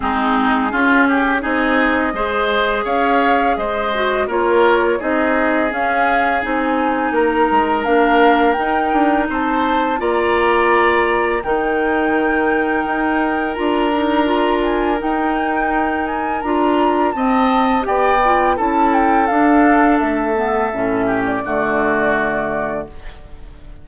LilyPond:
<<
  \new Staff \with { instrumentName = "flute" } { \time 4/4 \tempo 4 = 84 gis'2 dis''2 | f''4 dis''4 cis''4 dis''4 | f''4 gis''4 ais''4 f''4 | g''4 a''4 ais''2 |
g''2. ais''4~ | ais''8 gis''8 g''4. gis''8 ais''4 | a''4 g''4 a''8 g''8 f''4 | e''4.~ e''16 d''2~ d''16 | }
  \new Staff \with { instrumentName = "oboe" } { \time 4/4 dis'4 f'8 g'8 gis'4 c''4 | cis''4 c''4 ais'4 gis'4~ | gis'2 ais'2~ | ais'4 c''4 d''2 |
ais'1~ | ais'1 | dis''4 d''4 a'2~ | a'4. g'8 fis'2 | }
  \new Staff \with { instrumentName = "clarinet" } { \time 4/4 c'4 cis'4 dis'4 gis'4~ | gis'4. fis'8 f'4 dis'4 | cis'4 dis'2 d'4 | dis'2 f'2 |
dis'2. f'8 dis'8 | f'4 dis'2 f'4 | c'4 g'8 f'8 e'4 d'4~ | d'8 b8 cis'4 a2 | }
  \new Staff \with { instrumentName = "bassoon" } { \time 4/4 gis4 cis'4 c'4 gis4 | cis'4 gis4 ais4 c'4 | cis'4 c'4 ais8 gis8 ais4 | dis'8 d'8 c'4 ais2 |
dis2 dis'4 d'4~ | d'4 dis'2 d'4 | c'4 b4 cis'4 d'4 | a4 a,4 d2 | }
>>